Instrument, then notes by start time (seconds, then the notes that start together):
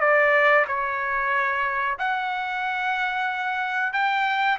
trumpet
0.00 D5
0.67 C#5
1.99 F#5
3.93 G5